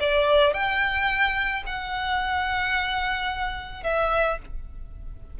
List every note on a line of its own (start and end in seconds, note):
0.00 0.53 D5
0.53 1.63 G5
1.66 3.83 F#5
3.83 4.38 E5